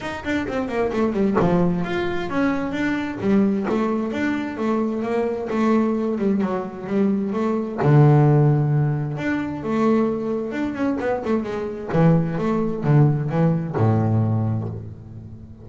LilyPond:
\new Staff \with { instrumentName = "double bass" } { \time 4/4 \tempo 4 = 131 dis'8 d'8 c'8 ais8 a8 g8 f4 | f'4 cis'4 d'4 g4 | a4 d'4 a4 ais4 | a4. g8 fis4 g4 |
a4 d2. | d'4 a2 d'8 cis'8 | b8 a8 gis4 e4 a4 | d4 e4 a,2 | }